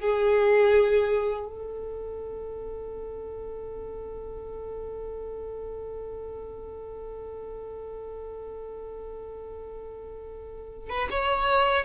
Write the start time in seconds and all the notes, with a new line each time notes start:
0.00 G#4
1.47 A4
10.90 B4
11.10 C#5